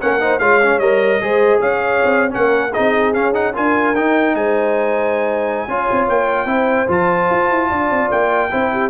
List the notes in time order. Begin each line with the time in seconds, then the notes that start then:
0.00 A#3 C#4 A#4 F#5
0.20 D#4 C5
0.39 G#3 F4 C#5 F5
0.62 C#4
0.78 G3 A#4 D#5
1.20 G#3 G#4 C5
1.60 C#4 C#5 F5
2.04 C4
2.29 A#3 C#4 A#4 F#5
2.72 C4 D#4 G#4 D#5
3.13 C#4 F5
3.33 D#4 F#5
3.54 D4 F4 A#4 G#5
3.95 D#4 G5
4.34 G#3 C5 G#5
5.67 C#4 F4 C#5
5.91 C4
6.07 A#3 G5
6.44 C4 E4 C5
6.87 F3 F4 A5
7.30 F4
7.50 E4
7.69 D4 D5
7.89 C4
8.10 A#3 G5
8.50 C4 E4 C5
8.72 G4